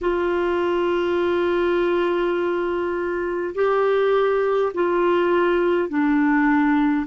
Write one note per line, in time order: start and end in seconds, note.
0.01 3.54 F4
3.55 4.72 G4
4.73 5.88 F4
5.88 7.06 D4